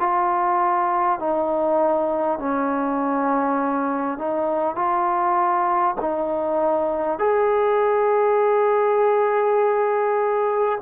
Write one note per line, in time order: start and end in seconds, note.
0.00 1.19 F4
1.19 2.39 D#4
2.39 4.19 C#4
4.19 4.76 D#4
4.76 5.96 F4
6.02 7.19 D#4
7.19 10.79 G#4